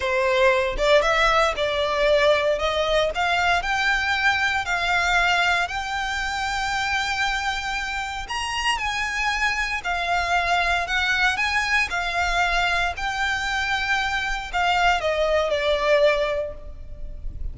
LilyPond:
\new Staff \with { instrumentName = "violin" } { \time 4/4 \tempo 4 = 116 c''4. d''8 e''4 d''4~ | d''4 dis''4 f''4 g''4~ | g''4 f''2 g''4~ | g''1 |
ais''4 gis''2 f''4~ | f''4 fis''4 gis''4 f''4~ | f''4 g''2. | f''4 dis''4 d''2 | }